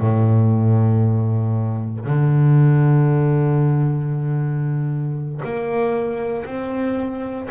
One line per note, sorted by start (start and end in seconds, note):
0.00 2.05 A2
2.05 5.41 D3
5.44 6.45 A#3
6.45 7.49 C4